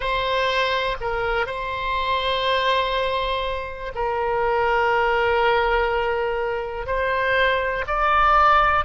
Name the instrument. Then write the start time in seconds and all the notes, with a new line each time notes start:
oboe
0.00 C5
1.00 A#4
1.46 C5
3.94 A#4
6.86 C5
7.87 D5